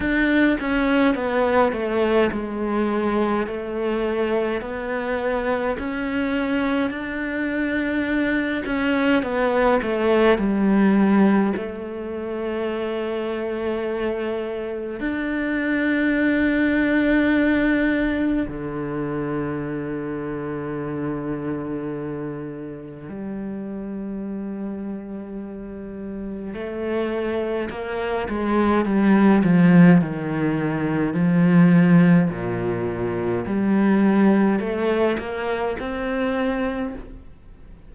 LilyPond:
\new Staff \with { instrumentName = "cello" } { \time 4/4 \tempo 4 = 52 d'8 cis'8 b8 a8 gis4 a4 | b4 cis'4 d'4. cis'8 | b8 a8 g4 a2~ | a4 d'2. |
d1 | g2. a4 | ais8 gis8 g8 f8 dis4 f4 | ais,4 g4 a8 ais8 c'4 | }